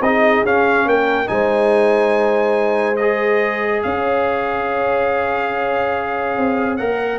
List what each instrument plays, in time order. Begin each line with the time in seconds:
0.00 tuba C4, trombone D#4, horn G#4, trumpet D#5
0.44 tuba C#4, trombone C#4, trumpet F5
0.85 tuba A#3, horn A#4, trumpet G5
1.26 tuba G#3, trombone D#4, horn C5, trumpet G#5
2.96 trombone G#4, trumpet D#5
3.83 tuba C#4, horn C#5, trumpet F5
6.37 tuba C4
6.76 tuba A#3, trombone A#4, trumpet F#5